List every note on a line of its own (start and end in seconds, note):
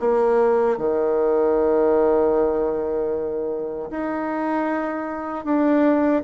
0.00 0.78 A#3
0.78 3.90 D#3
3.91 5.45 D#4
5.45 6.23 D4